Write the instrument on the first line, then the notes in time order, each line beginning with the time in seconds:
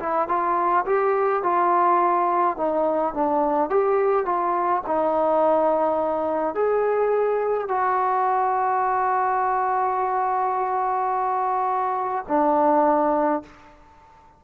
trombone
0.00 E4
0.28 F4
0.86 G4
1.43 F4
2.57 D#4
3.15 D4
3.70 G4
4.26 F4
4.87 D#4
6.55 G#4
7.68 F#4
12.29 D4